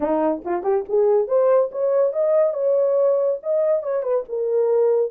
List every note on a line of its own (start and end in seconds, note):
0.00 0.42 D#4
0.44 0.63 F4
0.63 0.84 G4
0.88 1.27 G#4
1.27 1.70 C5
1.71 2.12 C#5
2.12 2.53 D#5
2.53 3.38 C#5
3.43 3.82 D#5
3.82 4.02 C#5
4.02 4.24 B4
4.29 5.11 A#4